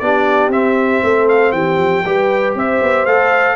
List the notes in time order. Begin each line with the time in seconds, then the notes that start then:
0.00 B3 D4 G4 D5
0.49 C4 E5
1.03 A3 A4
1.29 F5
1.52 E3 G4 G5
1.78 F3
2.06 G3 G4 B4
2.56 C4 C5 E5
2.82 B3
3.06 A3 A4 F5